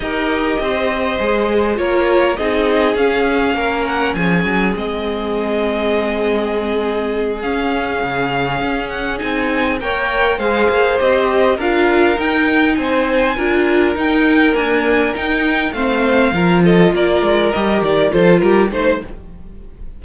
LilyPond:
<<
  \new Staff \with { instrumentName = "violin" } { \time 4/4 \tempo 4 = 101 dis''2. cis''4 | dis''4 f''4. fis''8 gis''4 | dis''1~ | dis''8 f''2~ f''8 fis''8 gis''8~ |
gis''8 g''4 f''4 dis''4 f''8~ | f''8 g''4 gis''2 g''8~ | g''8 gis''4 g''4 f''4. | dis''8 d''4 dis''8 d''8 c''8 ais'8 c''8 | }
  \new Staff \with { instrumentName = "violin" } { \time 4/4 ais'4 c''2 ais'4 | gis'2 ais'4 gis'4~ | gis'1~ | gis'1~ |
gis'8 cis''4 c''2 ais'8~ | ais'4. c''4 ais'4.~ | ais'2~ ais'8 c''4 ais'8 | a'8 ais'2 a'8 g'8 c''8 | }
  \new Staff \with { instrumentName = "viola" } { \time 4/4 g'2 gis'4 f'4 | dis'4 cis'2. | c'1~ | c'8 cis'2. dis'8~ |
dis'8 ais'4 gis'4 g'4 f'8~ | f'8 dis'2 f'4 dis'8~ | dis'8 ais4 dis'4 c'4 f'8~ | f'4. g'4 f'4 dis'8 | }
  \new Staff \with { instrumentName = "cello" } { \time 4/4 dis'4 c'4 gis4 ais4 | c'4 cis'4 ais4 f8 fis8 | gis1~ | gis8 cis'4 cis4 cis'4 c'8~ |
c'8 ais4 gis8 ais8 c'4 d'8~ | d'8 dis'4 c'4 d'4 dis'8~ | dis'8 d'4 dis'4 a4 f8~ | f8 ais8 gis8 g8 dis8 f8 g8 a8 | }
>>